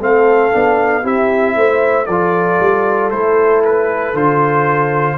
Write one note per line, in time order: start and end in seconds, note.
0.00 0.52 A3
0.00 0.52 C4
0.00 1.03 A4
0.00 1.06 F5
0.52 1.04 B3
0.52 1.03 D4
1.03 1.56 C4
1.03 2.06 E4
1.03 1.54 G4
1.03 2.06 E5
1.56 2.08 A3
1.56 2.06 C5
2.06 2.59 F3
2.06 3.12 F4
2.06 5.17 A4
2.06 3.09 D5
2.60 3.11 G3
3.11 4.14 A3
3.11 4.15 E4
3.11 3.62 C5
3.65 4.16 B4
4.14 5.17 D3
4.14 5.18 F4
4.14 5.18 C5